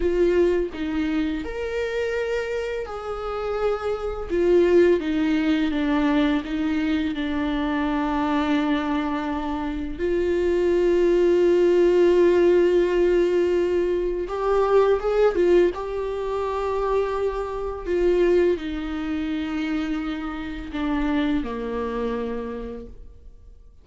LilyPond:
\new Staff \with { instrumentName = "viola" } { \time 4/4 \tempo 4 = 84 f'4 dis'4 ais'2 | gis'2 f'4 dis'4 | d'4 dis'4 d'2~ | d'2 f'2~ |
f'1 | g'4 gis'8 f'8 g'2~ | g'4 f'4 dis'2~ | dis'4 d'4 ais2 | }